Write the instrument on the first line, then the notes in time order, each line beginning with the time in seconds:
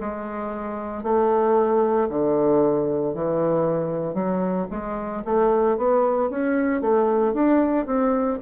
bassoon
0.00 G#3
1.03 A3
2.09 D3
3.14 E3
4.14 F#3
4.70 G#3
5.24 A3
5.77 B3
6.30 C#4
6.81 A3
7.33 D4
7.86 C4